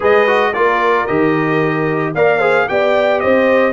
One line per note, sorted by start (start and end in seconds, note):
0.00 0.54 G#3
0.00 0.26 G#4
0.00 0.52 B4
0.00 0.53 D#5
0.26 0.53 F#4
0.53 1.08 A#3
0.53 1.07 F4
0.53 2.15 A#4
0.53 1.06 D5
1.06 2.14 D#3
1.06 2.14 G4
1.06 2.13 D#5
2.14 2.68 A#3
2.14 2.41 A#4
2.14 2.38 D5
2.14 2.68 F5
2.38 2.67 G#4
2.38 2.65 C5
2.68 3.23 B3
2.68 3.72 G4
2.68 3.22 D5
2.68 3.20 G5
3.20 3.72 C4
3.20 3.72 C5
3.20 3.72 D#5